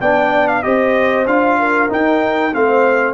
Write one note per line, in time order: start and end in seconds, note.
0.00 0.65 B3
0.00 0.64 D4
0.00 0.63 D5
0.00 0.48 G5
0.48 0.63 F5
0.63 1.26 C4
0.63 1.27 G4
0.63 1.59 C5
0.63 1.26 D#5
1.26 1.90 D4
1.26 1.89 F4
1.26 1.91 F5
1.59 2.54 A#4
1.89 2.53 D#4
1.89 2.54 D#4
1.89 2.55 G5
2.54 3.14 A3
2.54 3.14 C4
2.54 3.14 C5
2.54 3.14 F5